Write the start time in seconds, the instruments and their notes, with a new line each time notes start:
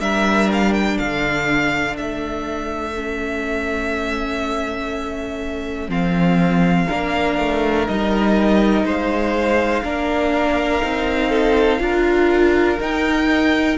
0.00 cello G3, viola D4, violin A#4 E5
0.52 violin F5
0.74 violin G5
0.98 cello D3, violin A4 F5
1.97 cello A3, violin E5
2.95 viola C#4
5.89 cello F3, viola C4, violin F5
6.89 cello A#3, viola D4, violin A#4
7.39 cello A3
7.87 cello G3, viola D#4, violin D#5
8.84 cello G#3, violin C5 F5
9.83 cello A#3, viola D4, violin A#4
10.82 cello C4, viola D#4
11.30 violin A4
11.80 cello D4, viola F4, violin A#4
12.80 viola D#4, cello D#4, violin G5